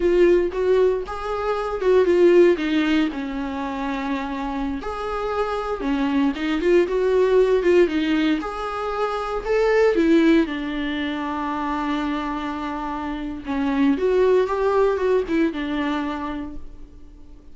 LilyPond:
\new Staff \with { instrumentName = "viola" } { \time 4/4 \tempo 4 = 116 f'4 fis'4 gis'4. fis'8 | f'4 dis'4 cis'2~ | cis'4~ cis'16 gis'2 cis'8.~ | cis'16 dis'8 f'8 fis'4. f'8 dis'8.~ |
dis'16 gis'2 a'4 e'8.~ | e'16 d'2.~ d'8.~ | d'2 cis'4 fis'4 | g'4 fis'8 e'8 d'2 | }